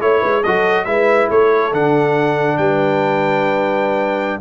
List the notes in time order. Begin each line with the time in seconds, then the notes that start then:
0.00 A3 E4 C#5
0.20 G#3 B4
0.42 F#3 F#4 A4 D#5
0.84 G#3 E4 B4 E5
1.29 A3 A4 C#5
1.72 D3 D4 F#5
2.57 G3 B4 G5